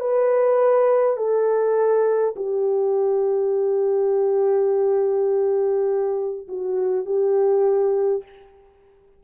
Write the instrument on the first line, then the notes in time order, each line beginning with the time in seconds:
horn
0.00 B4
1.17 A4
2.36 G4
6.48 F#4
7.05 G4